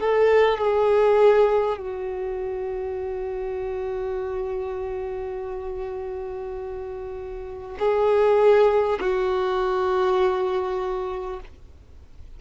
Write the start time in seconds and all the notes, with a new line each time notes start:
0.00 A4
0.58 G#4
1.77 F#4
7.79 G#4
9.00 F#4